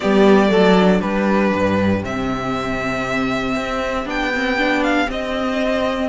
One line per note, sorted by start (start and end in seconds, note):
0.00 0.50 G3
0.00 0.48 B3
0.00 0.50 G4
0.00 1.00 D5
0.48 1.01 F#3
0.48 0.73 A3
0.48 1.01 A4
0.80 2.03 D4
1.00 1.53 G3
1.00 6.09 G4
1.00 2.02 B4
1.54 2.03 G2
2.03 3.56 C3
2.03 4.05 C4
2.03 4.08 E5
3.56 4.05 C4
4.05 5.06 B3
4.05 4.31 D4
4.05 4.83 G5
4.34 4.57 C4
4.57 5.06 D4
4.83 5.09 F5
5.06 6.08 C4
5.06 6.09 C4
5.06 6.09 D#5